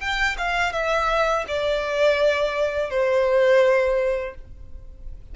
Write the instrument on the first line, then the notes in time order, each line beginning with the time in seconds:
violin
0.00 G5
0.38 F5
0.73 E5
1.48 D5
2.90 C5